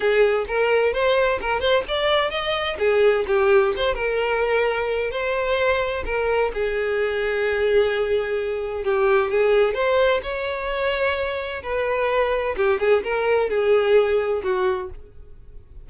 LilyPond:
\new Staff \with { instrumentName = "violin" } { \time 4/4 \tempo 4 = 129 gis'4 ais'4 c''4 ais'8 c''8 | d''4 dis''4 gis'4 g'4 | c''8 ais'2~ ais'8 c''4~ | c''4 ais'4 gis'2~ |
gis'2. g'4 | gis'4 c''4 cis''2~ | cis''4 b'2 g'8 gis'8 | ais'4 gis'2 fis'4 | }